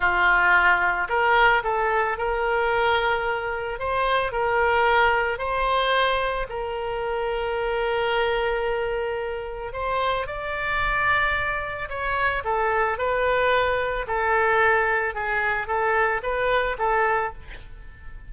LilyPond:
\new Staff \with { instrumentName = "oboe" } { \time 4/4 \tempo 4 = 111 f'2 ais'4 a'4 | ais'2. c''4 | ais'2 c''2 | ais'1~ |
ais'2 c''4 d''4~ | d''2 cis''4 a'4 | b'2 a'2 | gis'4 a'4 b'4 a'4 | }